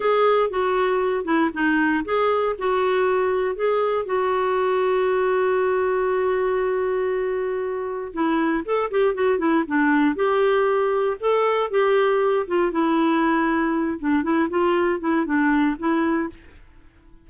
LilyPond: \new Staff \with { instrumentName = "clarinet" } { \time 4/4 \tempo 4 = 118 gis'4 fis'4. e'8 dis'4 | gis'4 fis'2 gis'4 | fis'1~ | fis'1 |
e'4 a'8 g'8 fis'8 e'8 d'4 | g'2 a'4 g'4~ | g'8 f'8 e'2~ e'8 d'8 | e'8 f'4 e'8 d'4 e'4 | }